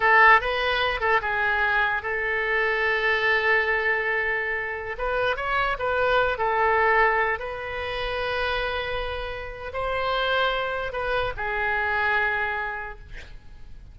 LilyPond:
\new Staff \with { instrumentName = "oboe" } { \time 4/4 \tempo 4 = 148 a'4 b'4. a'8 gis'4~ | gis'4 a'2.~ | a'1~ | a'16 b'4 cis''4 b'4. a'16~ |
a'2~ a'16 b'4.~ b'16~ | b'1 | c''2. b'4 | gis'1 | }